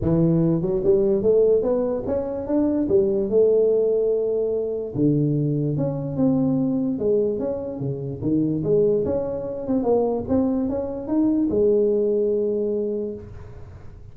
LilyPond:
\new Staff \with { instrumentName = "tuba" } { \time 4/4 \tempo 4 = 146 e4. fis8 g4 a4 | b4 cis'4 d'4 g4 | a1 | d2 cis'4 c'4~ |
c'4 gis4 cis'4 cis4 | dis4 gis4 cis'4. c'8 | ais4 c'4 cis'4 dis'4 | gis1 | }